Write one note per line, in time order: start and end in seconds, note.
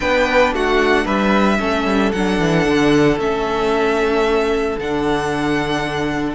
0.00 0.52 B3
0.00 1.59 D4
0.00 0.54 B4
0.00 0.53 G5
0.52 1.05 A3
0.52 1.04 F#4
0.52 1.06 F#5
1.04 1.59 G3
1.04 1.58 B4
1.04 2.12 E5
1.59 1.85 A3
1.59 2.12 C#4
1.59 6.34 A4
1.85 2.12 G3
2.12 2.39 F#3
2.12 3.19 D4
2.12 3.18 F#5
2.39 2.65 E3
2.65 3.17 D3
3.17 4.77 A3
3.17 4.78 C#4
3.17 4.79 E5
4.78 6.34 D3
4.78 6.34 D4
4.78 6.34 F#5